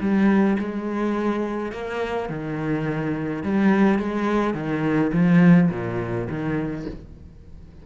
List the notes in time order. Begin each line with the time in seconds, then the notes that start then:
0.00 G3
0.59 G#3
1.72 A#3
2.29 D#3
3.43 G3
3.98 G#3
4.54 D#3
5.12 F3
5.70 A#2
6.29 D#3